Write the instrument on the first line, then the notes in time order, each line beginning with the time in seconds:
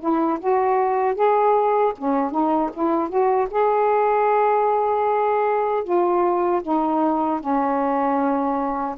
saxophone
0.00 E4
0.40 F#4
1.15 G#4
1.98 C#4
2.31 D#4
2.73 E4
3.09 F#4
3.50 G#4
5.84 F4
6.62 D#4
7.40 C#4